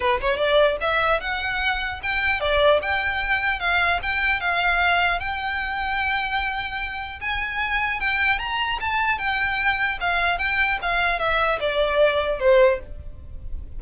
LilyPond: \new Staff \with { instrumentName = "violin" } { \time 4/4 \tempo 4 = 150 b'8 cis''8 d''4 e''4 fis''4~ | fis''4 g''4 d''4 g''4~ | g''4 f''4 g''4 f''4~ | f''4 g''2.~ |
g''2 gis''2 | g''4 ais''4 a''4 g''4~ | g''4 f''4 g''4 f''4 | e''4 d''2 c''4 | }